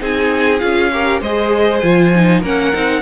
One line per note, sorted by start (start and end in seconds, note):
0.00 0.62 C4
0.00 0.60 D#4
0.00 0.92 G#4
0.00 0.59 G#5
0.59 1.21 C#4
0.59 0.91 F4
0.59 1.20 F5
0.92 1.23 G4
0.92 1.21 A#4
1.21 1.82 G#3
1.21 1.83 G#4
1.21 2.42 C5
1.21 1.80 D#5
1.80 2.43 F3
1.80 2.14 F4
1.80 2.41 G#5
2.16 2.44 D#4
2.42 2.73 A#3
2.42 2.73 C#4
2.42 3.02 A#4
2.42 3.02 F#5
2.73 3.02 C4
2.73 3.02 D#4